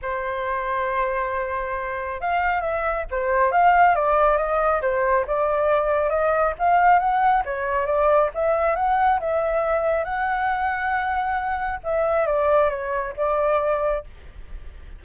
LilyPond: \new Staff \with { instrumentName = "flute" } { \time 4/4 \tempo 4 = 137 c''1~ | c''4 f''4 e''4 c''4 | f''4 d''4 dis''4 c''4 | d''2 dis''4 f''4 |
fis''4 cis''4 d''4 e''4 | fis''4 e''2 fis''4~ | fis''2. e''4 | d''4 cis''4 d''2 | }